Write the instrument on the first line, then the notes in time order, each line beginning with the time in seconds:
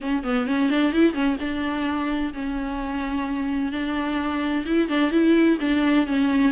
viola
0.00 C#4
0.23 B3
0.46 C#4
0.70 D4
0.92 E4
1.13 C#4
1.40 D4
2.33 C#4
3.71 D4
4.65 E4
4.89 D4
5.11 E4
5.60 D4
6.07 C#4